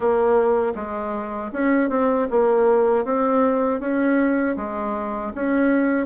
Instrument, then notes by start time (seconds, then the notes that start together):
bassoon
0.00 A#3
0.75 G#3
1.52 C#4
1.89 C4
2.30 A#3
3.04 C4
3.80 C#4
4.56 G#3
5.34 C#4